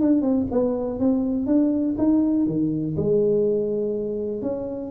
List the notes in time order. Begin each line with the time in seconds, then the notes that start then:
0.00 D4
0.21 C4
0.51 B3
0.99 C4
1.46 D4
1.98 D#4
2.46 D#3
2.96 G#3
4.42 C#4